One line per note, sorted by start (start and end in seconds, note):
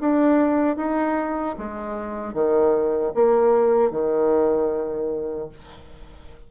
0.00 0.76 D4
0.76 1.55 D#4
1.58 2.33 G#3
2.33 3.12 D#3
3.14 3.90 A#3
3.90 5.48 D#3